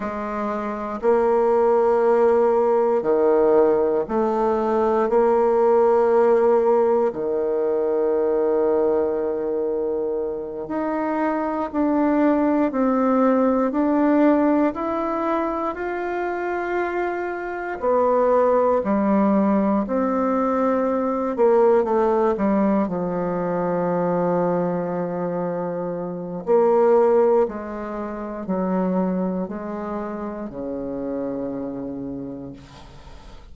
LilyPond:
\new Staff \with { instrumentName = "bassoon" } { \time 4/4 \tempo 4 = 59 gis4 ais2 dis4 | a4 ais2 dis4~ | dis2~ dis8 dis'4 d'8~ | d'8 c'4 d'4 e'4 f'8~ |
f'4. b4 g4 c'8~ | c'4 ais8 a8 g8 f4.~ | f2 ais4 gis4 | fis4 gis4 cis2 | }